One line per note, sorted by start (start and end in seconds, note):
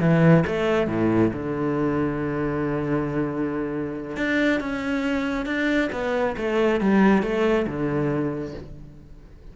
0.00 0.44 E3
0.47 0.88 A3
0.88 1.31 A2
1.33 4.17 D3
4.17 4.60 D4
4.60 5.46 C#4
5.46 5.90 D4
5.92 6.36 B3
6.37 6.81 A3
6.81 7.23 G3
7.23 7.66 A3
7.67 8.55 D3